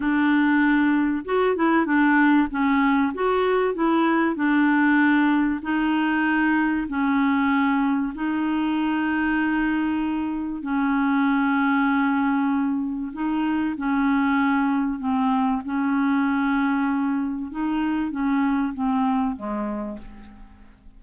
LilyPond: \new Staff \with { instrumentName = "clarinet" } { \time 4/4 \tempo 4 = 96 d'2 fis'8 e'8 d'4 | cis'4 fis'4 e'4 d'4~ | d'4 dis'2 cis'4~ | cis'4 dis'2.~ |
dis'4 cis'2.~ | cis'4 dis'4 cis'2 | c'4 cis'2. | dis'4 cis'4 c'4 gis4 | }